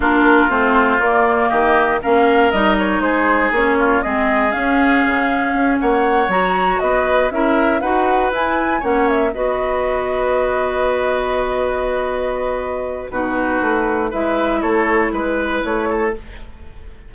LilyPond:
<<
  \new Staff \with { instrumentName = "flute" } { \time 4/4 \tempo 4 = 119 ais'4 c''4 d''4 dis''4 | f''4 dis''8 cis''8 c''4 cis''4 | dis''4 f''2~ f''8 fis''8~ | fis''8 ais''4 dis''4 e''4 fis''8~ |
fis''8 gis''4 fis''8 e''8 dis''4.~ | dis''1~ | dis''2 b'2 | e''4 cis''4 b'4 cis''4 | }
  \new Staff \with { instrumentName = "oboe" } { \time 4/4 f'2. g'4 | ais'2 gis'4. f'8 | gis'2.~ gis'8 cis''8~ | cis''4. b'4 ais'4 b'8~ |
b'4. cis''4 b'4.~ | b'1~ | b'2 fis'2 | b'4 a'4 b'4. a'8 | }
  \new Staff \with { instrumentName = "clarinet" } { \time 4/4 d'4 c'4 ais2 | cis'4 dis'2 cis'4 | c'4 cis'2.~ | cis'8 fis'2 e'4 fis'8~ |
fis'8 e'4 cis'4 fis'4.~ | fis'1~ | fis'2 dis'2 | e'1 | }
  \new Staff \with { instrumentName = "bassoon" } { \time 4/4 ais4 a4 ais4 dis4 | ais4 g4 gis4 ais4 | gis4 cis'4 cis4 cis'8 ais8~ | ais8 fis4 b4 cis'4 dis'8~ |
dis'8 e'4 ais4 b4.~ | b1~ | b2 b,4 a4 | gis4 a4 gis4 a4 | }
>>